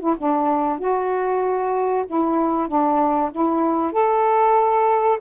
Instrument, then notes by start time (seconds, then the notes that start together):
saxophone
0.00 E4
0.18 D4
0.79 F#4
2.07 E4
2.68 D4
3.32 E4
3.93 A4